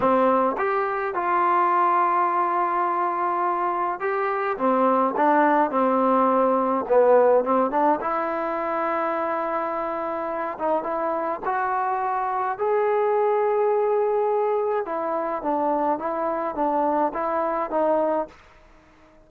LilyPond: \new Staff \with { instrumentName = "trombone" } { \time 4/4 \tempo 4 = 105 c'4 g'4 f'2~ | f'2. g'4 | c'4 d'4 c'2 | b4 c'8 d'8 e'2~ |
e'2~ e'8 dis'8 e'4 | fis'2 gis'2~ | gis'2 e'4 d'4 | e'4 d'4 e'4 dis'4 | }